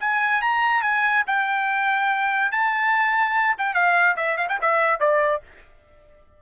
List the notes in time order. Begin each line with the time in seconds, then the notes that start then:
0.00 G#5
0.42 A#5
0.82 G#5
1.27 G5
2.52 A5
3.58 G5
3.74 F5
4.16 E5
4.37 F5
4.49 G5
4.61 E5
5.00 D5